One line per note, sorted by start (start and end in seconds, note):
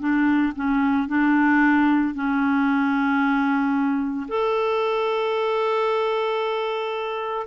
0.00 0.53 D4
0.56 1.08 C#4
1.08 2.14 D4
2.14 4.26 C#4
4.28 7.47 A4